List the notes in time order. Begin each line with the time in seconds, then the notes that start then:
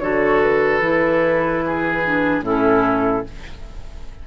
0.00 D3 F#4 A4 C#5
0.42 B4
0.81 E3 E4
1.66 G#4
2.04 D4
2.41 A2 C#4 E4 A4